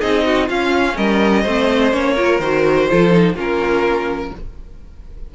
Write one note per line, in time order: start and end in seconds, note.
0.00 0.49 C4
0.00 0.49 D#4
0.00 0.24 G#4
0.00 0.48 D#5
0.25 0.47 F#4
0.47 0.97 C#4
0.47 1.45 C#4
0.47 0.95 F4
0.47 0.96 F5
0.96 1.45 G3
0.96 1.42 A#4
0.96 1.92 D#5
1.42 1.92 A3
1.42 1.92 C4
1.42 2.14 C5
1.92 2.39 A#3
1.92 2.16 C#4
1.92 2.40 C#5
2.16 2.40 F4
2.16 2.88 A#4
2.39 2.87 D#3
2.39 2.89 F#4
2.39 3.35 C5
2.89 3.35 F3
2.89 3.11 F4
2.89 3.35 A4
3.11 3.35 D#4
3.35 4.30 A#3
3.35 4.32 C#4
3.35 4.31 F4
3.35 4.35 A#4